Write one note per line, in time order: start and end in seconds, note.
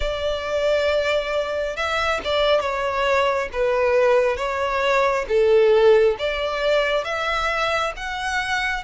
0.00 1.76 D5
1.76 2.20 E5
2.24 2.60 D5
2.60 3.49 C#5
3.52 4.37 B4
4.37 5.25 C#5
5.28 6.16 A4
6.18 7.04 D5
7.04 7.92 E5
7.96 8.83 F#5